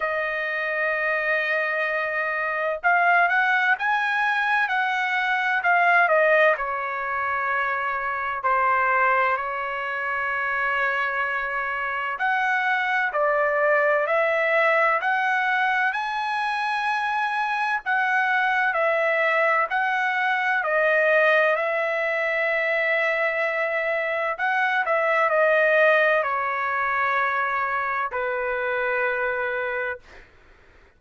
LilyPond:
\new Staff \with { instrumentName = "trumpet" } { \time 4/4 \tempo 4 = 64 dis''2. f''8 fis''8 | gis''4 fis''4 f''8 dis''8 cis''4~ | cis''4 c''4 cis''2~ | cis''4 fis''4 d''4 e''4 |
fis''4 gis''2 fis''4 | e''4 fis''4 dis''4 e''4~ | e''2 fis''8 e''8 dis''4 | cis''2 b'2 | }